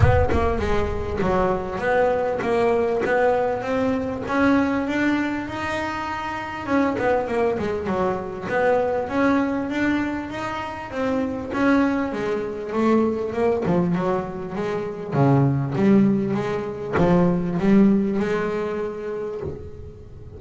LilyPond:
\new Staff \with { instrumentName = "double bass" } { \time 4/4 \tempo 4 = 99 b8 ais8 gis4 fis4 b4 | ais4 b4 c'4 cis'4 | d'4 dis'2 cis'8 b8 | ais8 gis8 fis4 b4 cis'4 |
d'4 dis'4 c'4 cis'4 | gis4 a4 ais8 f8 fis4 | gis4 cis4 g4 gis4 | f4 g4 gis2 | }